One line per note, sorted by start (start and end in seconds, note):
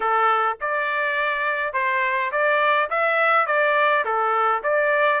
0.00 0.57 A4
0.60 1.73 D5
1.73 2.31 C5
2.31 2.89 D5
2.90 3.46 E5
3.46 4.04 D5
4.04 4.62 A4
4.63 5.20 D5